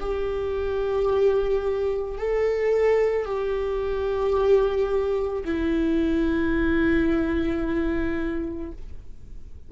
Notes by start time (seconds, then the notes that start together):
0.00 G4
2.18 A4
3.25 G4
5.44 E4